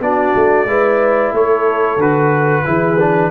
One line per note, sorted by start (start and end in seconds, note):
0.00 0.33 B3
0.00 0.67 D4
0.00 0.68 F#4
0.00 1.34 D5
0.35 0.66 A3
0.66 1.31 G#3
0.66 1.99 E4
0.66 1.32 B4
1.31 1.97 A3
1.31 2.64 A4
1.31 2.01 C#5
1.97 2.63 D3
1.97 2.65 F#4
1.97 3.31 B4
2.65 3.31 E3
2.65 2.98 E4
2.65 3.31 G#4
3.00 3.31 D4